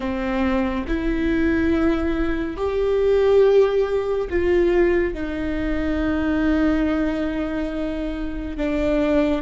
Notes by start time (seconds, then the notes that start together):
0.00 C4
0.87 E4
2.56 G4
4.29 F4
5.14 D#4
8.57 D4